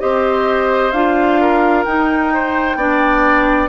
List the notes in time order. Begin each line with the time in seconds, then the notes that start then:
0.00 C4 G4 C5 D#5
0.92 D4 F4 F5
1.41 A#4
1.85 D#4 G5
2.34 C5
2.76 B3 D4 D5